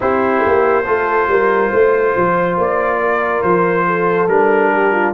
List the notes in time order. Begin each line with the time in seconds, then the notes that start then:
0.00 C4 E4 G4 C5
0.46 A#3
0.84 A3 F4 A4
1.27 G3 A#4
1.71 A3 C5
2.16 F3
2.56 A#3 D5
3.00 A#4
3.42 F3 C5
3.86 A4
4.27 G3 D4 A#4
4.72 G4
4.92 F4